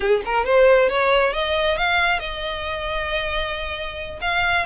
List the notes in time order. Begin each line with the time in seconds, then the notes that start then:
0.00 G#4
0.25 A#4
0.45 C5
0.89 C#5
1.33 D#5
1.77 F5
2.19 D#5
4.21 F5